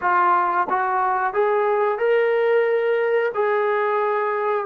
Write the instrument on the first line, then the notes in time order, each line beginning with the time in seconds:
trombone
0.01 F4
0.69 F#4
1.33 G#4
1.98 A#4
3.34 G#4